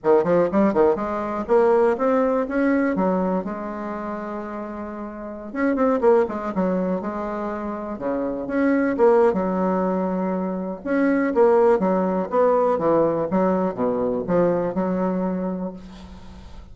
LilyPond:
\new Staff \with { instrumentName = "bassoon" } { \time 4/4 \tempo 4 = 122 dis8 f8 g8 dis8 gis4 ais4 | c'4 cis'4 fis4 gis4~ | gis2.~ gis16 cis'8 c'16~ | c'16 ais8 gis8 fis4 gis4.~ gis16~ |
gis16 cis4 cis'4 ais8. fis4~ | fis2 cis'4 ais4 | fis4 b4 e4 fis4 | b,4 f4 fis2 | }